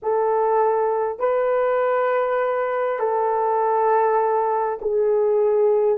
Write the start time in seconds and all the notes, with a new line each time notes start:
0.02 A4
1.19 B4
2.99 A4
4.81 G#4